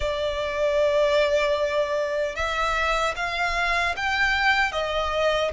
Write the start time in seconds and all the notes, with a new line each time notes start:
0.00 D5
2.35 E5
3.16 F5
3.96 G5
4.72 D#5